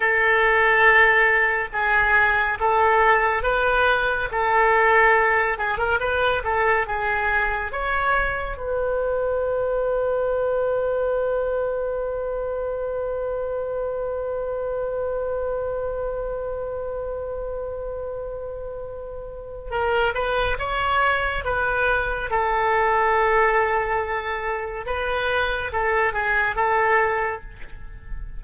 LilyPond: \new Staff \with { instrumentName = "oboe" } { \time 4/4 \tempo 4 = 70 a'2 gis'4 a'4 | b'4 a'4. gis'16 ais'16 b'8 a'8 | gis'4 cis''4 b'2~ | b'1~ |
b'1~ | b'2. ais'8 b'8 | cis''4 b'4 a'2~ | a'4 b'4 a'8 gis'8 a'4 | }